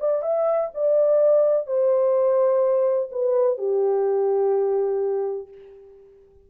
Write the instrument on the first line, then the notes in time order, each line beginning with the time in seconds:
horn
0.00 D5
0.22 E5
0.74 D5
1.67 C5
3.12 B4
3.58 G4